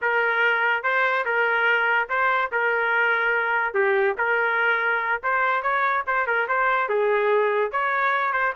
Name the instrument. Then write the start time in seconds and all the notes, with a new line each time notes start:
trumpet
0.01 A#4
0.83 C5
1.25 A#4
2.09 C5
2.51 A#4
3.74 G4
4.17 A#4
5.23 C5
5.62 C#5
6.06 C5
6.26 A#4
6.48 C5
6.88 G#4
7.71 C#5
8.32 C5